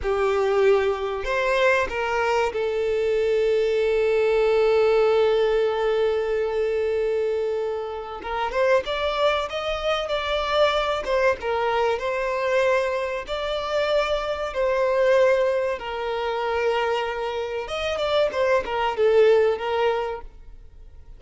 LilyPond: \new Staff \with { instrumentName = "violin" } { \time 4/4 \tempo 4 = 95 g'2 c''4 ais'4 | a'1~ | a'1~ | a'4 ais'8 c''8 d''4 dis''4 |
d''4. c''8 ais'4 c''4~ | c''4 d''2 c''4~ | c''4 ais'2. | dis''8 d''8 c''8 ais'8 a'4 ais'4 | }